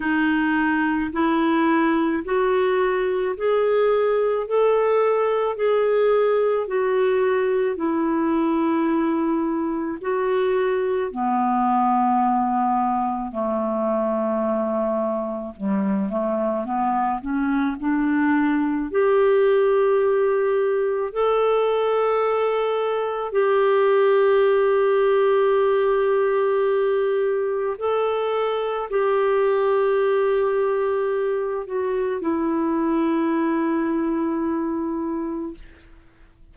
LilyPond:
\new Staff \with { instrumentName = "clarinet" } { \time 4/4 \tempo 4 = 54 dis'4 e'4 fis'4 gis'4 | a'4 gis'4 fis'4 e'4~ | e'4 fis'4 b2 | a2 g8 a8 b8 cis'8 |
d'4 g'2 a'4~ | a'4 g'2.~ | g'4 a'4 g'2~ | g'8 fis'8 e'2. | }